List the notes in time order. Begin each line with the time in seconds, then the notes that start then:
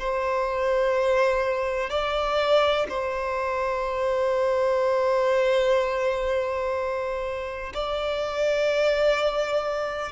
0.00 C5
1.90 D5
2.89 C5
7.74 D5